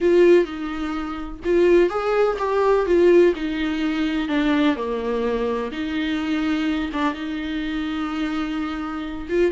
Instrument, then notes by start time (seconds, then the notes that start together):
viola
0.01 F4
0.44 D#4
1.44 F4
1.89 G#4
2.38 G4
2.85 F4
3.35 D#4
4.28 D4
4.76 A#3
5.71 D#4
6.93 D4
7.14 D#4
9.29 F4